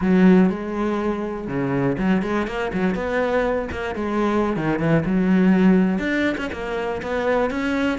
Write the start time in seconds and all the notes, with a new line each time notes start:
0.01 F#3
0.49 G#3
1.47 C#3
1.98 F#3
2.22 G#3
2.47 A#3
2.73 F#3
2.94 B3
3.71 A#3
3.95 G#3
4.56 D#3
4.79 E3
5.05 F#3
5.99 D4
6.37 C#4
6.52 A#3
7.02 B3
7.50 C#4